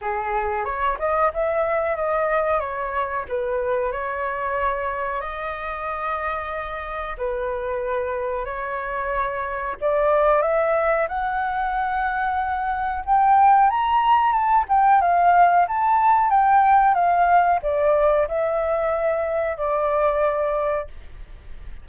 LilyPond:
\new Staff \with { instrumentName = "flute" } { \time 4/4 \tempo 4 = 92 gis'4 cis''8 dis''8 e''4 dis''4 | cis''4 b'4 cis''2 | dis''2. b'4~ | b'4 cis''2 d''4 |
e''4 fis''2. | g''4 ais''4 a''8 g''8 f''4 | a''4 g''4 f''4 d''4 | e''2 d''2 | }